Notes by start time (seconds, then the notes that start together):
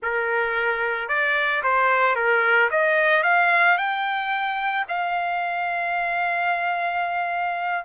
0.02 A#4
1.08 D5
1.63 C5
2.15 A#4
2.71 D#5
3.23 F5
3.77 G5
4.88 F5